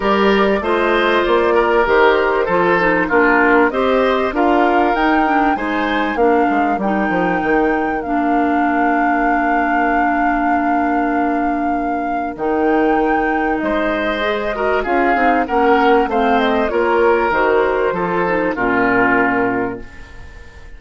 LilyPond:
<<
  \new Staff \with { instrumentName = "flute" } { \time 4/4 \tempo 4 = 97 d''4 dis''4 d''4 c''4~ | c''4 ais'4 dis''4 f''4 | g''4 gis''4 f''4 g''4~ | g''4 f''2.~ |
f''1 | g''2 dis''2 | f''4 fis''4 f''8 dis''8 cis''4 | c''2 ais'2 | }
  \new Staff \with { instrumentName = "oboe" } { \time 4/4 ais'4 c''4. ais'4. | a'4 f'4 c''4 ais'4~ | ais'4 c''4 ais'2~ | ais'1~ |
ais'1~ | ais'2 c''4. ais'8 | gis'4 ais'4 c''4 ais'4~ | ais'4 a'4 f'2 | }
  \new Staff \with { instrumentName = "clarinet" } { \time 4/4 g'4 f'2 g'4 | f'8 dis'8 d'4 g'4 f'4 | dis'8 d'8 dis'4 d'4 dis'4~ | dis'4 d'2.~ |
d'1 | dis'2. gis'8 fis'8 | f'8 dis'8 cis'4 c'4 f'4 | fis'4 f'8 dis'8 cis'2 | }
  \new Staff \with { instrumentName = "bassoon" } { \time 4/4 g4 a4 ais4 dis4 | f4 ais4 c'4 d'4 | dis'4 gis4 ais8 gis8 g8 f8 | dis4 ais2.~ |
ais1 | dis2 gis2 | cis'8 c'8 ais4 a4 ais4 | dis4 f4 ais,2 | }
>>